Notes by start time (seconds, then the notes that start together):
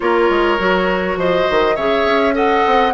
0.00 A#3 F4 A#4 C#5
0.29 G#3
0.58 F#3 F#4
1.16 F3 C5 D#5
1.50 D#3
1.75 C#3 G#4 C#5 E5
2.04 C#4
2.33 A4 D#5 F#5
2.66 C4